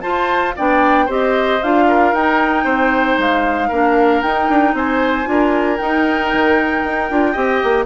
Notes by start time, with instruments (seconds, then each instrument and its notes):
0.00 clarinet F4, bassoon F4, oboe C5, flute A5
0.56 bassoon B3, clarinet D4, oboe D5, flute G5
1.06 bassoon C4, clarinet G4, oboe C5, flute D#5
1.62 bassoon D4, clarinet F4, flute F5
1.88 oboe A#4
2.12 bassoon D#4, clarinet D#4, flute G5
2.64 bassoon C4, oboe C5
3.17 bassoon G#3, flute F5
3.68 bassoon A#3, clarinet D4, oboe A#4
4.22 bassoon D#4, clarinet D#4, flute G5
4.49 bassoon D4
4.73 bassoon C4, oboe C5, flute G#5
5.24 bassoon D4, clarinet F4, oboe A#4
5.76 clarinet D#4, bassoon D#4, flute G5
6.32 bassoon D#3
6.83 bassoon D#4
7.09 bassoon D4, clarinet F4
7.32 bassoon C4, clarinet G4, oboe D#5
7.63 bassoon A#3